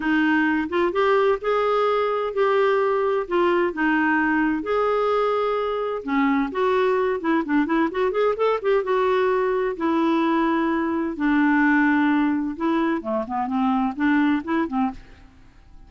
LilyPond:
\new Staff \with { instrumentName = "clarinet" } { \time 4/4 \tempo 4 = 129 dis'4. f'8 g'4 gis'4~ | gis'4 g'2 f'4 | dis'2 gis'2~ | gis'4 cis'4 fis'4. e'8 |
d'8 e'8 fis'8 gis'8 a'8 g'8 fis'4~ | fis'4 e'2. | d'2. e'4 | a8 b8 c'4 d'4 e'8 c'8 | }